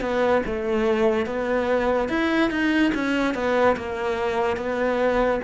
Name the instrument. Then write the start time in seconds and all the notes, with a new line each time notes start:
cello
0.00 B3
0.46 A3
1.26 B3
2.08 E4
2.50 D#4
2.94 C#4
3.34 B3
3.76 A#3
4.57 B3